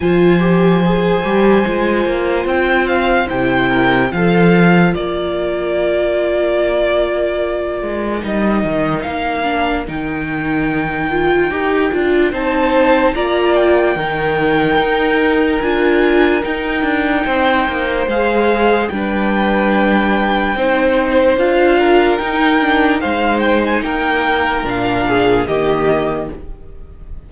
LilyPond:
<<
  \new Staff \with { instrumentName = "violin" } { \time 4/4 \tempo 4 = 73 gis''2. g''8 f''8 | g''4 f''4 d''2~ | d''2 dis''4 f''4 | g''2. a''4 |
ais''8 g''2~ g''8 gis''4 | g''2 f''4 g''4~ | g''2 f''4 g''4 | f''8 g''16 gis''16 g''4 f''4 dis''4 | }
  \new Staff \with { instrumentName = "violin" } { \time 4/4 c''1~ | c''8 ais'8 a'4 ais'2~ | ais'1~ | ais'2. c''4 |
d''4 ais'2.~ | ais'4 c''2 b'4~ | b'4 c''4. ais'4. | c''4 ais'4. gis'8 g'4 | }
  \new Staff \with { instrumentName = "viola" } { \time 4/4 f'8 g'8 gis'8 g'8 f'2 | e'4 f'2.~ | f'2 dis'4. d'8 | dis'4. f'8 g'8 f'8 dis'4 |
f'4 dis'2 f'4 | dis'2 gis'4 d'4~ | d'4 dis'4 f'4 dis'8 d'8 | dis'2 d'4 ais4 | }
  \new Staff \with { instrumentName = "cello" } { \time 4/4 f4. g8 gis8 ais8 c'4 | c4 f4 ais2~ | ais4. gis8 g8 dis8 ais4 | dis2 dis'8 d'8 c'4 |
ais4 dis4 dis'4 d'4 | dis'8 d'8 c'8 ais8 gis4 g4~ | g4 c'4 d'4 dis'4 | gis4 ais4 ais,4 dis4 | }
>>